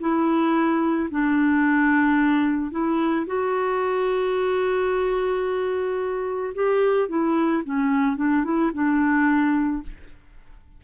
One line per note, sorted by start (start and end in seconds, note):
0.00 1.09 E4
1.11 2.71 D4
2.71 3.26 E4
3.26 6.54 F#4
6.54 7.09 G4
7.09 7.63 E4
7.64 8.17 C#4
8.17 8.44 D4
8.44 8.71 E4
8.74 9.83 D4